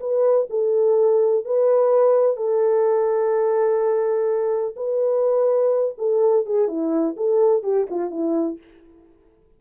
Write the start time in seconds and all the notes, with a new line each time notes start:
0.00 B4
0.50 A4
1.45 B4
2.37 A4
4.76 B4
5.98 A4
6.46 G#4
6.68 E4
7.17 A4
7.63 G4
7.91 F4
8.11 E4